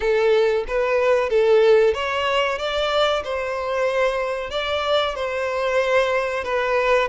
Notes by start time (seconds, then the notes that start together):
0.00 A4
0.67 B4
1.29 A4
1.94 C#5
2.58 D5
3.24 C5
4.50 D5
5.15 C5
6.44 B4